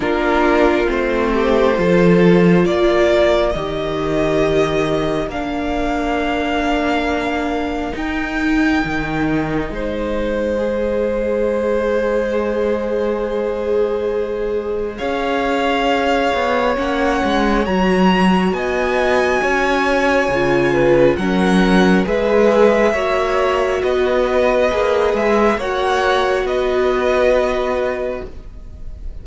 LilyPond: <<
  \new Staff \with { instrumentName = "violin" } { \time 4/4 \tempo 4 = 68 ais'4 c''2 d''4 | dis''2 f''2~ | f''4 g''2 dis''4~ | dis''1~ |
dis''4 f''2 fis''4 | ais''4 gis''2. | fis''4 e''2 dis''4~ | dis''8 e''8 fis''4 dis''2 | }
  \new Staff \with { instrumentName = "violin" } { \time 4/4 f'4. g'8 a'4 ais'4~ | ais'1~ | ais'2. c''4~ | c''1~ |
c''4 cis''2.~ | cis''4 dis''4 cis''4. b'8 | ais'4 b'4 cis''4 b'4~ | b'4 cis''4 b'2 | }
  \new Staff \with { instrumentName = "viola" } { \time 4/4 d'4 c'4 f'2 | g'2 d'2~ | d'4 dis'2. | gis'1~ |
gis'2. cis'4 | fis'2. f'4 | cis'4 gis'4 fis'2 | gis'4 fis'2. | }
  \new Staff \with { instrumentName = "cello" } { \time 4/4 ais4 a4 f4 ais4 | dis2 ais2~ | ais4 dis'4 dis4 gis4~ | gis1~ |
gis4 cis'4. b8 ais8 gis8 | fis4 b4 cis'4 cis4 | fis4 gis4 ais4 b4 | ais8 gis8 ais4 b2 | }
>>